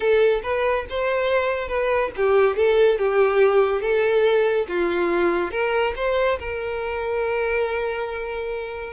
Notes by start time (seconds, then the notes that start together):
0.00 A4
0.43 B4
0.89 C5
1.68 B4
2.16 G4
2.56 A4
2.98 G4
3.81 A4
4.68 F4
5.51 A#4
5.96 C5
6.39 A#4